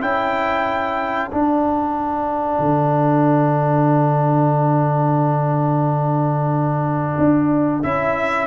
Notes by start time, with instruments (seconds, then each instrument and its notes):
0.00 tuba C#4, trombone E4, horn A4, trumpet G5
1.31 trombone D4, tuba D4, trumpet F#5
2.59 tuba D3
7.18 tuba D4
7.82 tuba C#4, trombone E4, trumpet E5